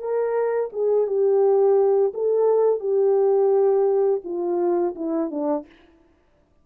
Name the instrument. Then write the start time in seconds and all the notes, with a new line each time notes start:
horn
0.00 A#4
0.73 G#4
1.07 G4
2.14 A4
2.80 G4
4.25 F4
4.96 E4
5.31 D4